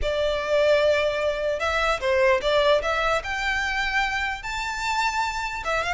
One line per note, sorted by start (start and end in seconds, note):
0.02 1.59 D5
1.59 2.00 E5
2.00 2.40 C5
2.41 2.81 D5
2.82 3.22 E5
3.23 4.42 G5
4.42 5.63 A5
5.64 5.83 E5
5.83 5.93 F5